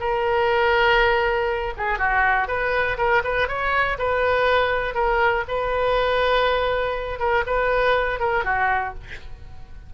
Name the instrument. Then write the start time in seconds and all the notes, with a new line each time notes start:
oboe
0.00 A#4
1.77 G#4
1.98 F#4
2.48 B4
2.98 A#4
3.24 B4
3.48 C#5
3.98 B4
4.95 A#4
5.48 B4
7.19 A#4
7.47 B4
8.20 A#4
8.45 F#4